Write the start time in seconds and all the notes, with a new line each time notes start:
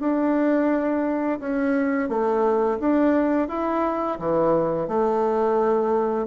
0.00 D4
1.40 C#4
2.09 A3
2.80 D4
3.49 E4
4.19 E3
4.88 A3